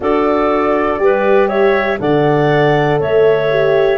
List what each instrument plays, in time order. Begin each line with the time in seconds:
0.00 tuba D4, horn F#4, clarinet A4, flute D5
0.98 tuba G3, horn G4, clarinet B4
1.48 clarinet C#5, flute E5
1.98 tuba D3, horn A4, clarinet D5, flute F#5
2.99 tuba A3, clarinet C#5, flute E5
3.50 horn G4